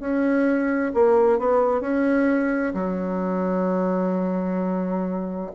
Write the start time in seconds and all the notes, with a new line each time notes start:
0.00 C#4
0.94 A#3
1.38 B3
1.81 C#4
2.74 F#3